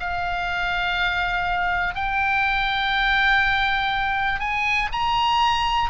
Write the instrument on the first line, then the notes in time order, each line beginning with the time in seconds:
oboe
0.00 F5
1.95 G5
4.40 G#5
4.93 A#5